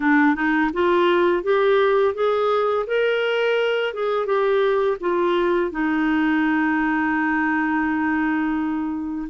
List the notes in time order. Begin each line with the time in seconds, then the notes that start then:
0.00 D4
0.35 D#4
0.73 F4
1.43 G4
2.14 G#4
2.86 A#4
3.93 G#4
4.25 G4
5.00 F4
5.71 D#4